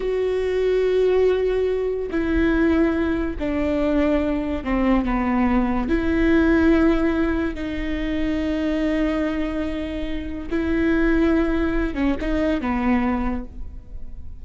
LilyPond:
\new Staff \with { instrumentName = "viola" } { \time 4/4 \tempo 4 = 143 fis'1~ | fis'4 e'2. | d'2. c'4 | b2 e'2~ |
e'2 dis'2~ | dis'1~ | dis'4 e'2.~ | e'8 cis'8 dis'4 b2 | }